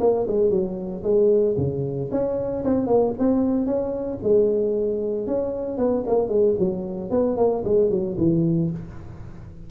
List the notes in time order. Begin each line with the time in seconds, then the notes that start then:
0.00 A#3
0.27 G#3
0.50 F#3
1.03 G#3
1.57 C#3
2.11 C#4
2.64 C4
2.87 A#3
3.19 C4
3.66 C#4
4.22 G#3
5.26 C#4
5.77 B3
6.07 A#3
6.28 G#3
6.59 F#3
7.10 B3
7.37 A#3
7.64 G#3
7.90 F#3
8.17 E3